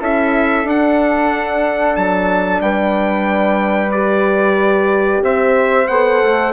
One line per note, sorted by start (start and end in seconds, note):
0.00 0.65 C#4
0.00 0.65 E4
0.00 2.61 A4
0.00 0.69 E5
0.65 3.91 D4
0.65 1.95 D4
0.65 1.96 F#5
1.96 2.61 F#3
1.96 2.61 A5
2.61 5.22 G3
2.61 5.23 B4
2.61 3.92 G5
3.92 5.89 G4
3.92 5.22 D5
5.23 5.88 C4
5.23 6.53 C5
5.23 5.88 E5
5.88 6.21 B3
5.88 6.53 A4
5.88 6.53 F#5
6.23 6.53 A3